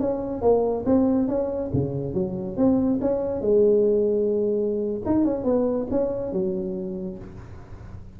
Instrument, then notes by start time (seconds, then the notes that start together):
tuba
0.00 C#4
0.42 A#3
0.86 C4
1.28 C#4
1.73 C#3
2.14 F#3
2.57 C4
3.01 C#4
3.41 G#3
5.06 D#4
5.25 C#4
5.44 B3
5.91 C#4
6.32 F#3